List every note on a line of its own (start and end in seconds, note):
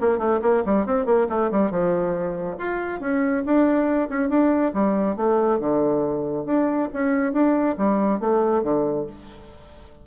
0.00 0.18 A#3
0.18 0.40 A3
0.42 0.63 A#3
0.65 0.86 G3
0.86 1.05 C4
1.05 1.27 A#3
1.29 1.50 A3
1.51 1.70 G3
1.70 2.57 F3
2.58 3.00 F4
3.00 3.43 C#4
3.45 4.09 D4
4.09 4.29 C#4
4.29 4.72 D4
4.73 5.16 G3
5.16 5.59 A3
5.59 6.45 D3
6.45 6.88 D4
6.93 7.33 C#4
7.33 7.76 D4
7.77 8.20 G3
8.20 8.63 A3
8.63 9.06 D3